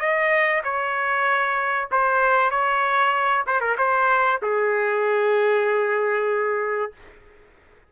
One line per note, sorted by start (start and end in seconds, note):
0.00 0.62 D#5
0.64 1.89 C#5
1.92 2.51 C5
2.51 3.45 C#5
3.47 3.61 C5
3.61 3.77 A#4
3.78 4.41 C5
4.42 6.92 G#4